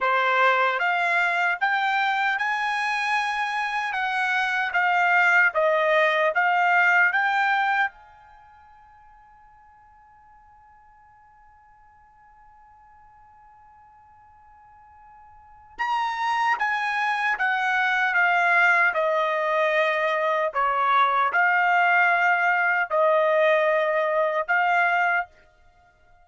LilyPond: \new Staff \with { instrumentName = "trumpet" } { \time 4/4 \tempo 4 = 76 c''4 f''4 g''4 gis''4~ | gis''4 fis''4 f''4 dis''4 | f''4 g''4 gis''2~ | gis''1~ |
gis''1 | ais''4 gis''4 fis''4 f''4 | dis''2 cis''4 f''4~ | f''4 dis''2 f''4 | }